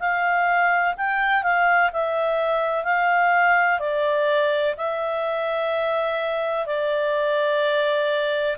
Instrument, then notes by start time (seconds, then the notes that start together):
clarinet
0.00 F5
0.97 G5
1.44 F5
1.93 E5
2.85 F5
3.80 D5
4.77 E5
6.67 D5